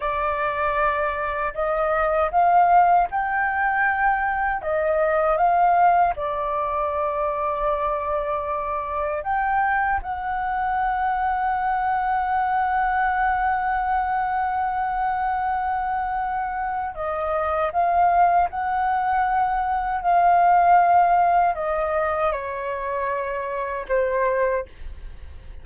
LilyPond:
\new Staff \with { instrumentName = "flute" } { \time 4/4 \tempo 4 = 78 d''2 dis''4 f''4 | g''2 dis''4 f''4 | d''1 | g''4 fis''2.~ |
fis''1~ | fis''2 dis''4 f''4 | fis''2 f''2 | dis''4 cis''2 c''4 | }